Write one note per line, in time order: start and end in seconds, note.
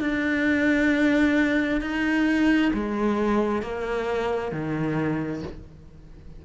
0.00 1.81 D4
1.81 2.71 D#4
2.73 3.62 G#3
3.62 4.51 A#3
4.51 5.42 D#3